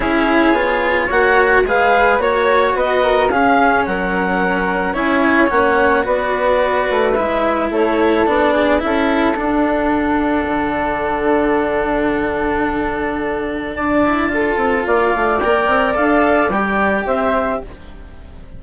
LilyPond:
<<
  \new Staff \with { instrumentName = "clarinet" } { \time 4/4 \tempo 4 = 109 cis''2 fis''4 f''4 | cis''4 dis''4 f''4 fis''4~ | fis''4 gis''4 fis''4 d''4~ | d''4 e''4 cis''4 d''4 |
e''4 fis''2.~ | fis''1~ | fis''4 a''2 f''4 | g''4 f''4 g''4 e''4 | }
  \new Staff \with { instrumentName = "flute" } { \time 4/4 gis'2 cis''4 b'4 | cis''4 b'8 ais'8 gis'4 ais'4~ | ais'4 cis''2 b'4~ | b'2 a'4. gis'8 |
a'1~ | a'1~ | a'4 d''4 a'4 d''4~ | d''2. c''4 | }
  \new Staff \with { instrumentName = "cello" } { \time 4/4 e'4 f'4 fis'4 gis'4 | fis'2 cis'2~ | cis'4 e'4 cis'4 fis'4~ | fis'4 e'2 d'4 |
e'4 d'2.~ | d'1~ | d'4. e'8 f'2 | ais'4 a'4 g'2 | }
  \new Staff \with { instrumentName = "bassoon" } { \time 4/4 cis'4 b4 ais4 gis4 | ais4 b4 cis'4 fis4~ | fis4 cis'4 ais4 b4~ | b8 a8 gis4 a4 b4 |
cis'4 d'2 d4~ | d1~ | d4 d'4. c'8 ais8 a8 | ais8 c'8 d'4 g4 c'4 | }
>>